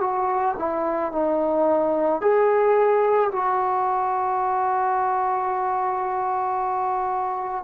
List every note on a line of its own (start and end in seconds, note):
0.00 0.55 F#4
0.58 1.12 E4
1.12 2.21 D#4
2.21 3.30 G#4
3.31 7.64 F#4